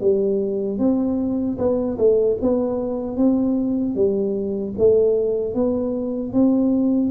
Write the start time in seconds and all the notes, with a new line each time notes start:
0.00 G3
0.78 C4
1.58 B3
1.98 A3
2.41 B3
3.17 C4
3.95 G3
4.78 A3
5.54 B3
6.33 C4